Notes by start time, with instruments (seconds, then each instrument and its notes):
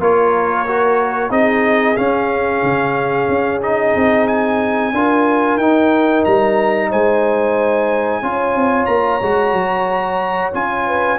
0.00 tuba A#3, trombone F4, horn A#4, trumpet C#5
0.67 trombone F#4
1.30 tuba C4, trombone D#4, horn G#4, trumpet D#5
1.96 trombone C#4, tuba C#4, trumpet F5
2.63 tuba C#3
3.29 tuba C#4
3.61 trombone D#4, trumpet D#5
3.95 tuba C4
4.28 trumpet G#5
4.93 tuba D4, trombone F4, horn A#4
5.57 tuba D#4, trombone D#4, trumpet G5
6.25 tuba G3, trumpet A#5
6.90 tuba G#3, horn C5, trumpet G#5
8.23 tuba C#4, trombone F4, horn C#5
8.55 tuba C4
8.86 tuba A#3, trumpet A#5
9.22 tuba G#3, trombone F#4
9.53 tuba F#3
10.54 tuba C#4, trombone F4, trumpet G#5
10.87 horn B4